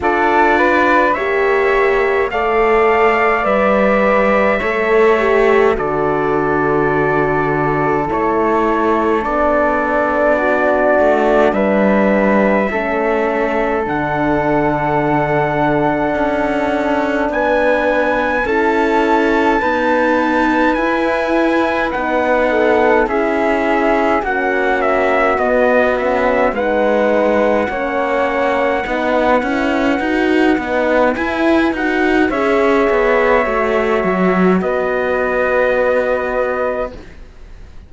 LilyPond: <<
  \new Staff \with { instrumentName = "trumpet" } { \time 4/4 \tempo 4 = 52 d''4 e''4 f''4 e''4~ | e''4 d''2 cis''4 | d''2 e''2 | fis''2. gis''4 |
a''2 gis''4 fis''4 | e''4 fis''8 e''8 dis''8 e''8 fis''4~ | fis''2. gis''8 fis''8 | e''2 dis''2 | }
  \new Staff \with { instrumentName = "flute" } { \time 4/4 a'8 b'8 cis''4 d''2 | cis''4 a'2.~ | a'4 fis'4 b'4 a'4~ | a'2. b'4 |
a'4 b'2~ b'8 a'8 | gis'4 fis'2 b'4 | cis''4 b'2. | cis''2 b'2 | }
  \new Staff \with { instrumentName = "horn" } { \time 4/4 f'4 g'4 a'4 b'4 | a'8 g'8 fis'2 e'4 | d'2. cis'4 | d'1 |
e'4 b4 e'4 dis'4 | e'4 cis'4 b8 cis'8 dis'4 | cis'4 dis'8 e'8 fis'8 dis'8 e'8 fis'8 | gis'4 fis'2. | }
  \new Staff \with { instrumentName = "cello" } { \time 4/4 d'4 ais4 a4 g4 | a4 d2 a4 | b4. a8 g4 a4 | d2 cis'4 b4 |
cis'4 dis'4 e'4 b4 | cis'4 ais4 b4 gis4 | ais4 b8 cis'8 dis'8 b8 e'8 dis'8 | cis'8 b8 a8 fis8 b2 | }
>>